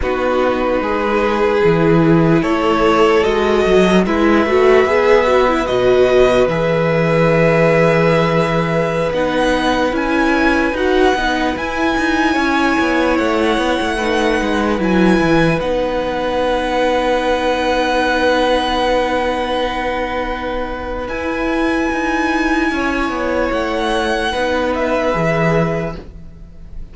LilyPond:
<<
  \new Staff \with { instrumentName = "violin" } { \time 4/4 \tempo 4 = 74 b'2. cis''4 | dis''4 e''2 dis''4 | e''2.~ e''16 fis''8.~ | fis''16 gis''4 fis''4 gis''4.~ gis''16~ |
gis''16 fis''2 gis''4 fis''8.~ | fis''1~ | fis''2 gis''2~ | gis''4 fis''4. e''4. | }
  \new Staff \with { instrumentName = "violin" } { \time 4/4 fis'4 gis'2 a'4~ | a'4 b'2.~ | b'1~ | b'2.~ b'16 cis''8.~ |
cis''4~ cis''16 b'2~ b'8.~ | b'1~ | b'1 | cis''2 b'2 | }
  \new Staff \with { instrumentName = "viola" } { \time 4/4 dis'2 e'2 | fis'4 e'8 fis'8 gis'8 fis'16 e'16 fis'4 | gis'2.~ gis'16 dis'8.~ | dis'16 e'4 fis'8 dis'8 e'4.~ e'16~ |
e'4~ e'16 dis'4 e'4 dis'8.~ | dis'1~ | dis'2 e'2~ | e'2 dis'4 gis'4 | }
  \new Staff \with { instrumentName = "cello" } { \time 4/4 b4 gis4 e4 a4 | gis8 fis8 gis8 a8 b4 b,4 | e2.~ e16 b8.~ | b16 cis'4 dis'8 b8 e'8 dis'8 cis'8 b16~ |
b16 a8 b16 a8. gis8 fis8 e8 b8.~ | b1~ | b2 e'4 dis'4 | cis'8 b8 a4 b4 e4 | }
>>